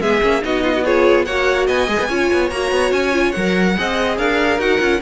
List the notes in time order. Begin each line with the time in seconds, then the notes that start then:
0.00 G#3 B3 G#4 E5
0.22 A#3 C#4
0.40 B3 D#4 F#4 D#5
0.63 F4
0.73 F#4
0.85 F4 G#4 C#5
1.24 A#3 F#4 C#5 F#5
1.66 B3 D#5 G#5
1.87 G#3 G#4
1.99 B3
2.08 C#4 F4 C#5
2.32 B3
2.49 A#3 F#4 A#5
2.71 B3
2.91 C#4 G#5
3.12 F4
3.32 F#3 A#4 F#5
3.76 C4 G#4 D#5
4.17 D4 A#4 F5
4.58 D#4 F#4 F#5
4.79 C#4 F4